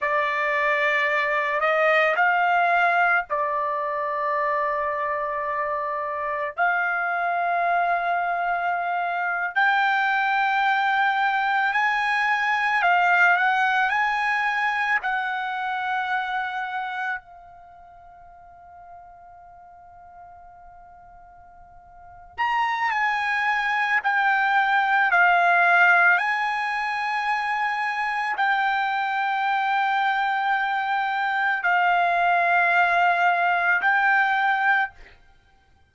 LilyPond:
\new Staff \with { instrumentName = "trumpet" } { \time 4/4 \tempo 4 = 55 d''4. dis''8 f''4 d''4~ | d''2 f''2~ | f''8. g''2 gis''4 f''16~ | f''16 fis''8 gis''4 fis''2 f''16~ |
f''1~ | f''8 ais''8 gis''4 g''4 f''4 | gis''2 g''2~ | g''4 f''2 g''4 | }